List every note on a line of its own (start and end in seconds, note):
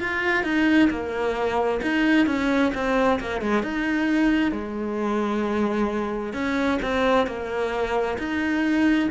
0.00 0.44 F4
0.44 0.89 D#4
0.90 1.81 A#3
1.82 2.27 D#4
2.27 2.72 C#4
2.74 3.20 C4
3.20 3.41 A#3
3.41 3.63 G#3
3.63 4.52 D#4
4.52 6.33 G#3
6.33 6.79 C#4
6.82 7.27 C4
7.27 8.18 A#3
8.18 9.09 D#4